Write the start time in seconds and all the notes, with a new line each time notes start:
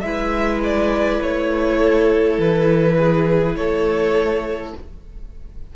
0.00 G#3 E4 B4 E5
0.63 D5
1.21 A3 C#5
1.77 A4
2.38 E3 B4
2.98 G#4
3.55 A3 A4 C#5